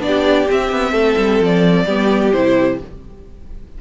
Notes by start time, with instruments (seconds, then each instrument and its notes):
0.00 cello B3, viola D4, violin D5
0.07 violin G4
0.49 viola C4, cello C4, violin E5
0.72 cello B3
0.92 cello A3, violin A4
1.18 cello G3
1.41 cello F3, violin D5
1.86 cello G3, viola B3, violin G4
2.33 cello C3, viola E4, violin C5